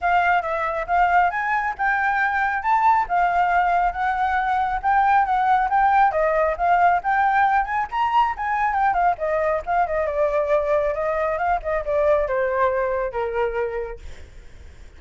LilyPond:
\new Staff \with { instrumentName = "flute" } { \time 4/4 \tempo 4 = 137 f''4 e''4 f''4 gis''4 | g''2 a''4 f''4~ | f''4 fis''2 g''4 | fis''4 g''4 dis''4 f''4 |
g''4. gis''8 ais''4 gis''4 | g''8 f''8 dis''4 f''8 dis''8 d''4~ | d''4 dis''4 f''8 dis''8 d''4 | c''2 ais'2 | }